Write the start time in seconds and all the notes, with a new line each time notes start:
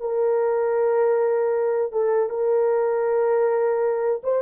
0.00 A#4
1.92 A4
2.29 A#4
4.23 C5